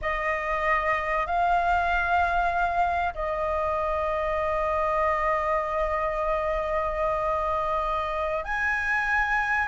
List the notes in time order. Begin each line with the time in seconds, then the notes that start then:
0.01 D#5
1.26 F5
3.14 D#5
8.44 G#5